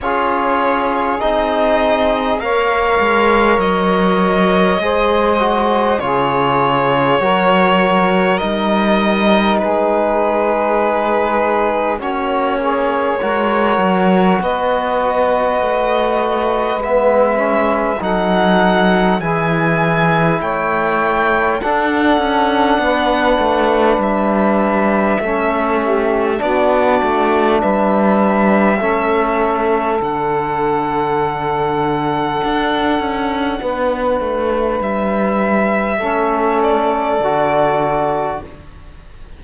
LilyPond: <<
  \new Staff \with { instrumentName = "violin" } { \time 4/4 \tempo 4 = 50 cis''4 dis''4 f''4 dis''4~ | dis''4 cis''2 dis''4 | b'2 cis''2 | dis''2 e''4 fis''4 |
gis''4 g''4 fis''2 | e''2 d''4 e''4~ | e''4 fis''2.~ | fis''4 e''4. d''4. | }
  \new Staff \with { instrumentName = "saxophone" } { \time 4/4 gis'2 cis''2 | c''4 gis'4 ais'2 | gis'2 fis'8 gis'8 ais'4 | b'2. a'4 |
gis'4 cis''4 a'4 b'4~ | b'4 a'8 g'8 fis'4 b'4 | a'1 | b'2 a'2 | }
  \new Staff \with { instrumentName = "trombone" } { \time 4/4 f'4 dis'4 ais'2 | gis'8 fis'8 f'4 fis'4 dis'4~ | dis'2 cis'4 fis'4~ | fis'2 b8 cis'8 dis'4 |
e'2 d'2~ | d'4 cis'4 d'2 | cis'4 d'2.~ | d'2 cis'4 fis'4 | }
  \new Staff \with { instrumentName = "cello" } { \time 4/4 cis'4 c'4 ais8 gis8 fis4 | gis4 cis4 fis4 g4 | gis2 ais4 gis8 fis8 | b4 a4 gis4 fis4 |
e4 a4 d'8 cis'8 b8 a8 | g4 a4 b8 a8 g4 | a4 d2 d'8 cis'8 | b8 a8 g4 a4 d4 | }
>>